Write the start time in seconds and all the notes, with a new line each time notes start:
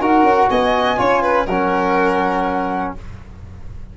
0.00 D#4 F#4 A#4 F#5
0.23 C#4
0.49 B3 D#5 G#5
0.97 C#4 F4 C#5
1.22 B4
1.46 F#3 C#4 A#4 F#5